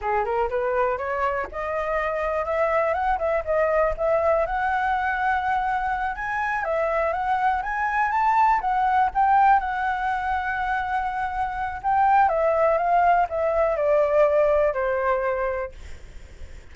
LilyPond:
\new Staff \with { instrumentName = "flute" } { \time 4/4 \tempo 4 = 122 gis'8 ais'8 b'4 cis''4 dis''4~ | dis''4 e''4 fis''8 e''8 dis''4 | e''4 fis''2.~ | fis''8 gis''4 e''4 fis''4 gis''8~ |
gis''8 a''4 fis''4 g''4 fis''8~ | fis''1 | g''4 e''4 f''4 e''4 | d''2 c''2 | }